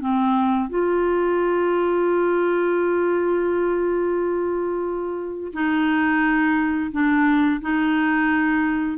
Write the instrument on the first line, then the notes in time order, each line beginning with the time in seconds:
clarinet
0.00 C4
0.69 F4
5.53 D#4
6.92 D4
7.61 D#4